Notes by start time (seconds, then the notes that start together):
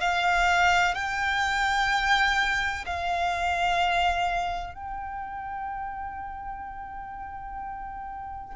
0.00 F5
0.94 G5
2.86 F5
4.74 G5